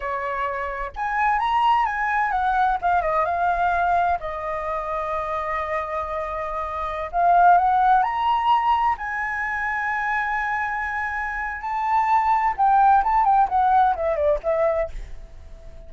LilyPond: \new Staff \with { instrumentName = "flute" } { \time 4/4 \tempo 4 = 129 cis''2 gis''4 ais''4 | gis''4 fis''4 f''8 dis''8 f''4~ | f''4 dis''2.~ | dis''2.~ dis''16 f''8.~ |
f''16 fis''4 ais''2 gis''8.~ | gis''1~ | gis''4 a''2 g''4 | a''8 g''8 fis''4 e''8 d''8 e''4 | }